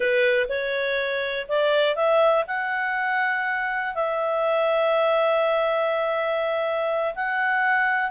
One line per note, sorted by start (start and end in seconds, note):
0.00 0.46 B4
0.48 1.47 C#5
1.48 1.95 D5
1.95 2.44 E5
2.47 3.94 F#5
3.95 7.14 E5
7.15 8.11 F#5